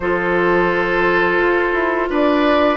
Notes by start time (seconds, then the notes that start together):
0.00 F3 F4 A4 C5
1.37 F4
1.73 E4
2.09 D4 B4 D5